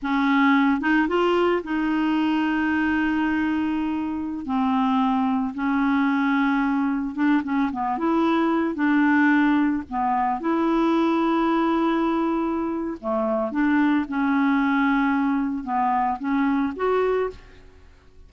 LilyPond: \new Staff \with { instrumentName = "clarinet" } { \time 4/4 \tempo 4 = 111 cis'4. dis'8 f'4 dis'4~ | dis'1~ | dis'16 c'2 cis'4.~ cis'16~ | cis'4~ cis'16 d'8 cis'8 b8 e'4~ e'16~ |
e'16 d'2 b4 e'8.~ | e'1 | a4 d'4 cis'2~ | cis'4 b4 cis'4 fis'4 | }